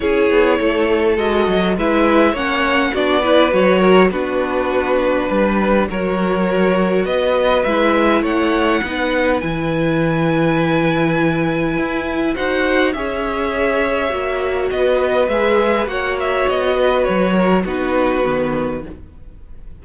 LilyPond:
<<
  \new Staff \with { instrumentName = "violin" } { \time 4/4 \tempo 4 = 102 cis''2 dis''4 e''4 | fis''4 d''4 cis''4 b'4~ | b'2 cis''2 | dis''4 e''4 fis''2 |
gis''1~ | gis''4 fis''4 e''2~ | e''4 dis''4 e''4 fis''8 e''8 | dis''4 cis''4 b'2 | }
  \new Staff \with { instrumentName = "violin" } { \time 4/4 gis'4 a'2 b'4 | cis''4 fis'8 b'4 ais'8 fis'4~ | fis'4 b'4 ais'2 | b'2 cis''4 b'4~ |
b'1~ | b'4 c''4 cis''2~ | cis''4 b'2 cis''4~ | cis''8 b'4 ais'8 fis'2 | }
  \new Staff \with { instrumentName = "viola" } { \time 4/4 e'2 fis'4 e'4 | cis'4 d'8 e'8 fis'4 d'4~ | d'2 fis'2~ | fis'4 e'2 dis'4 |
e'1~ | e'4 fis'4 gis'2 | fis'2 gis'4 fis'4~ | fis'2 dis'4 b4 | }
  \new Staff \with { instrumentName = "cello" } { \time 4/4 cis'8 b8 a4 gis8 fis8 gis4 | ais4 b4 fis4 b4~ | b4 g4 fis2 | b4 gis4 a4 b4 |
e1 | e'4 dis'4 cis'2 | ais4 b4 gis4 ais4 | b4 fis4 b4 dis4 | }
>>